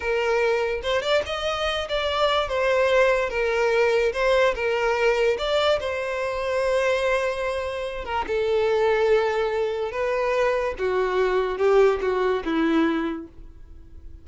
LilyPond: \new Staff \with { instrumentName = "violin" } { \time 4/4 \tempo 4 = 145 ais'2 c''8 d''8 dis''4~ | dis''8 d''4. c''2 | ais'2 c''4 ais'4~ | ais'4 d''4 c''2~ |
c''2.~ c''8 ais'8 | a'1 | b'2 fis'2 | g'4 fis'4 e'2 | }